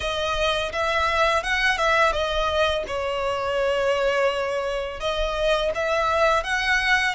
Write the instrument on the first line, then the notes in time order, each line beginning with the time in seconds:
violin
0.00 D#5
0.72 E5
1.43 F#5
1.77 E5
2.12 D#5
2.87 C#5
5.00 D#5
5.74 E5
6.43 F#5